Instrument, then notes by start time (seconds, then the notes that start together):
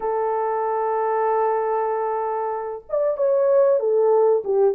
horn
0.00 A4
2.89 D5
3.17 C#5
3.79 A4
4.44 G4